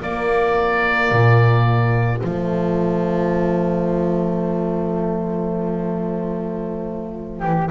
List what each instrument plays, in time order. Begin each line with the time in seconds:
0.00 horn A#3, double bass A#3, flute F4, oboe D5
1.11 double bass A#2
2.19 double bass F3, horn A3, oboe C5
7.40 double bass E3, flute G4